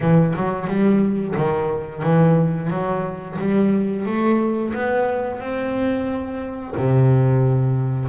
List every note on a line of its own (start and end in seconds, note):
0.00 0.34 E3
0.36 0.67 F#3
0.67 1.34 G3
1.36 2.02 D#3
2.02 2.70 E3
2.70 3.37 F#3
3.38 4.05 G3
4.05 4.73 A3
4.74 5.40 B3
5.40 6.74 C4
6.76 8.09 C3